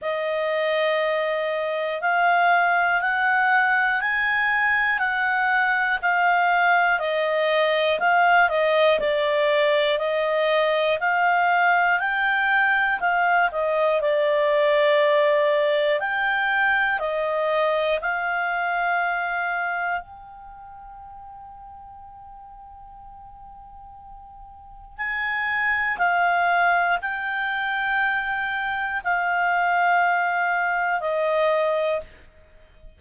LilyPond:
\new Staff \with { instrumentName = "clarinet" } { \time 4/4 \tempo 4 = 60 dis''2 f''4 fis''4 | gis''4 fis''4 f''4 dis''4 | f''8 dis''8 d''4 dis''4 f''4 | g''4 f''8 dis''8 d''2 |
g''4 dis''4 f''2 | g''1~ | g''4 gis''4 f''4 g''4~ | g''4 f''2 dis''4 | }